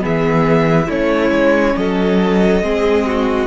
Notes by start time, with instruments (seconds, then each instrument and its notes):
0.00 cello E3, viola B3, violin G#4 E5
0.88 cello A3, viola C#4, violin E4 C#5
1.31 cello G#3
1.77 cello F#3, violin A4 D#5
2.62 cello G#3, viola C4, violin G#4
3.07 violin F#4